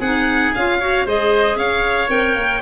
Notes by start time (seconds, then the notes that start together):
0.00 C4 D#4 G#4 F#5
0.55 C#4 F4 F5
0.80 F#4 C#5
1.06 G#3 G#4 C5 D#5
1.56 C#4 C#5 F5
2.08 C4 A#4 G5
2.35 A#3